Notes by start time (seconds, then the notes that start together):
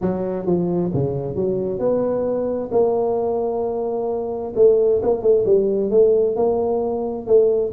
0.01 F#3
0.45 F3
0.93 C#3
1.35 F#3
1.79 B3
2.71 A#3
4.55 A3
5.02 A#3
5.22 A3
5.45 G3
5.90 A3
6.36 A#3
7.26 A3